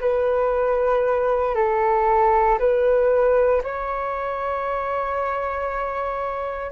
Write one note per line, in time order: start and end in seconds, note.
0.00 1.55 B4
1.55 2.58 A4
2.59 3.62 B4
3.63 6.71 C#5